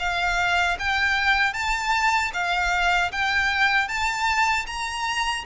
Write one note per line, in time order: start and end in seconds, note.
0.00 0.78 F5
0.79 1.54 G5
1.54 2.32 A5
2.34 3.12 F5
3.12 3.89 G5
3.89 4.66 A5
4.67 5.45 A#5